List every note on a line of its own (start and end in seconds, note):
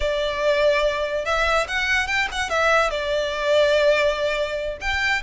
0.00 1.25 D5
1.25 1.66 E5
1.68 2.07 F#5
2.07 2.28 G5
2.31 2.49 F#5
2.49 2.90 E5
2.90 4.77 D5
4.80 5.22 G5